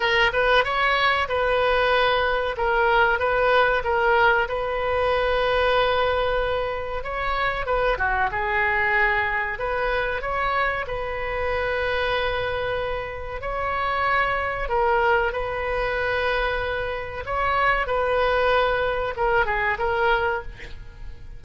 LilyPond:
\new Staff \with { instrumentName = "oboe" } { \time 4/4 \tempo 4 = 94 ais'8 b'8 cis''4 b'2 | ais'4 b'4 ais'4 b'4~ | b'2. cis''4 | b'8 fis'8 gis'2 b'4 |
cis''4 b'2.~ | b'4 cis''2 ais'4 | b'2. cis''4 | b'2 ais'8 gis'8 ais'4 | }